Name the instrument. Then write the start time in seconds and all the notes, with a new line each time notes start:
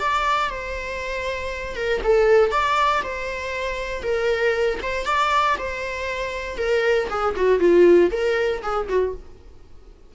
viola
0.00 D5
0.50 C5
1.76 A#4
2.04 A4
2.51 D5
3.03 C5
4.03 A#4
4.83 C5
5.06 D5
5.59 C5
6.58 A#4
7.10 G#4
7.37 F#4
7.60 F4
8.11 A#4
8.63 G#4
8.89 F#4